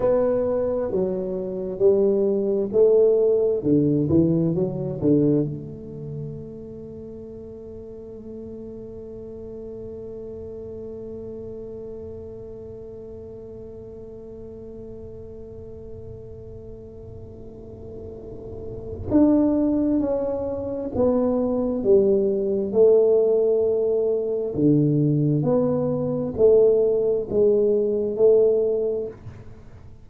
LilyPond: \new Staff \with { instrumentName = "tuba" } { \time 4/4 \tempo 4 = 66 b4 fis4 g4 a4 | d8 e8 fis8 d8 a2~ | a1~ | a1~ |
a1~ | a4 d'4 cis'4 b4 | g4 a2 d4 | b4 a4 gis4 a4 | }